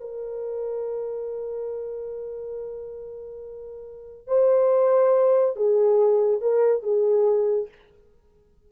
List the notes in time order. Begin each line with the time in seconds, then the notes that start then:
0.00 A#4
4.27 C5
5.56 G#4
6.41 A#4
6.83 G#4